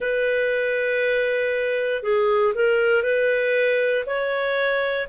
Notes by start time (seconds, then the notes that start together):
0.00 B4
2.02 G#4
2.54 A#4
3.02 B4
4.05 C#5